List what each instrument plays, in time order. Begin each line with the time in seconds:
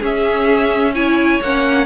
0.00 cello C#4, viola C#4, violin G#4 E5
0.95 viola E4, violin C#5 G#5
1.41 cello A#3, viola C#4, violin F#5